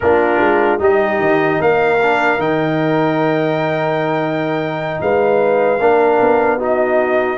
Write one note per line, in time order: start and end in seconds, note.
0.00 0.39 A#3
0.00 0.79 D4
0.00 0.80 F4
0.00 0.80 A#4
0.39 0.79 G#3
0.79 1.19 G3
0.79 1.99 D#4
0.79 1.59 G4
0.79 1.61 D#5
1.19 1.59 D#3
1.59 2.39 A#3
1.59 4.99 A#4
1.59 2.41 F5
2.02 2.39 D4
2.39 4.99 D#3
2.39 5.79 D#4
2.39 5.00 G5
5.01 5.79 G#3
5.01 5.81 B4
5.01 6.61 F5
5.79 6.19 A#3
5.79 6.59 D4
5.79 6.58 A#4
6.21 7.37 B3
6.58 7.37 D#4
6.58 7.37 F#4
6.58 7.37 D#5